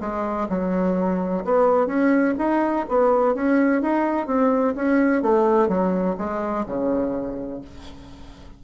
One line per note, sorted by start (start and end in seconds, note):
0.00 0.48 G#3
0.49 1.45 F#3
1.45 1.87 B3
1.87 2.34 C#4
2.38 2.86 D#4
2.89 3.35 B3
3.35 3.82 C#4
3.82 4.27 D#4
4.27 4.74 C4
4.75 5.23 C#4
5.23 5.68 A3
5.68 6.16 F#3
6.18 6.66 G#3
6.66 7.61 C#3